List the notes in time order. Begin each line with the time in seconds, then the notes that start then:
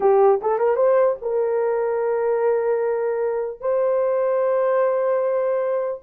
0.00 G4
0.41 A4
0.58 A#4
0.76 C5
1.21 A#4
3.60 C5